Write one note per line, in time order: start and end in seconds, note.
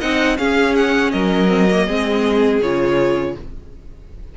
0.00 0.39 C4
0.00 0.37 D#4
0.00 0.37 D#5
0.00 0.38 F#5
0.37 1.48 C#4
0.37 1.13 C#4
0.37 1.13 G#4
0.37 0.75 F5
0.77 1.12 F#5
1.12 1.88 F#3
1.12 1.86 A#4
1.12 2.60 D#5
1.49 1.67 C4
1.70 1.87 A#3
1.86 2.62 G#3
1.86 2.62 C4
1.86 3.34 G#4
2.62 3.36 C#3
2.62 3.38 F4
2.62 3.36 C#5